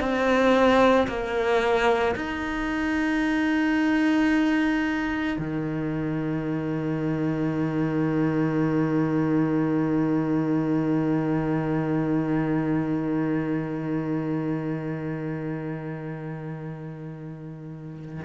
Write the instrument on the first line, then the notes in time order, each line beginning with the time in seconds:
cello
0.00 C4
1.08 A#3
2.16 D#4
5.38 D#3